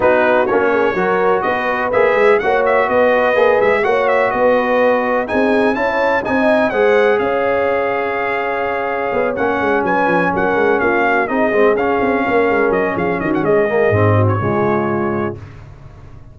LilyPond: <<
  \new Staff \with { instrumentName = "trumpet" } { \time 4/4 \tempo 4 = 125 b'4 cis''2 dis''4 | e''4 fis''8 e''8 dis''4. e''8 | fis''8 e''8 dis''2 gis''4 | a''4 gis''4 fis''4 f''4~ |
f''2.~ f''8 fis''8~ | fis''8 gis''4 fis''4 f''4 dis''8~ | dis''8 f''2 dis''8 f''8 dis''16 fis''16 | dis''4.~ dis''16 cis''2~ cis''16 | }
  \new Staff \with { instrumentName = "horn" } { \time 4/4 fis'4. gis'8 ais'4 b'4~ | b'4 cis''4 b'2 | cis''4 b'2 gis'4 | cis''4 dis''4 c''4 cis''4~ |
cis''1~ | cis''8 b'4 ais'4 f'8 fis'8 gis'8~ | gis'4. ais'4. gis'8 fis'8 | gis'4. fis'8 f'2 | }
  \new Staff \with { instrumentName = "trombone" } { \time 4/4 dis'4 cis'4 fis'2 | gis'4 fis'2 gis'4 | fis'2. dis'4 | e'4 dis'4 gis'2~ |
gis'2.~ gis'8 cis'8~ | cis'2.~ cis'8 dis'8 | c'8 cis'2.~ cis'8~ | cis'8 ais8 c'4 gis2 | }
  \new Staff \with { instrumentName = "tuba" } { \time 4/4 b4 ais4 fis4 b4 | ais8 gis8 ais4 b4 ais8 gis8 | ais4 b2 c'4 | cis'4 c'4 gis4 cis'4~ |
cis'2. b8 ais8 | gis8 fis8 f8 fis8 gis8 ais4 c'8 | gis8 cis'8 c'8 ais8 gis8 fis8 f8 dis8 | gis4 gis,4 cis2 | }
>>